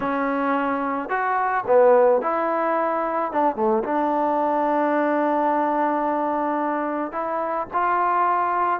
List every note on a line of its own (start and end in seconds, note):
0.00 1.09 C#4
1.09 1.64 F#4
1.67 2.21 B3
2.21 3.32 E4
3.32 3.55 D4
3.55 3.83 A3
3.83 7.12 D4
7.12 7.67 E4
7.73 8.80 F4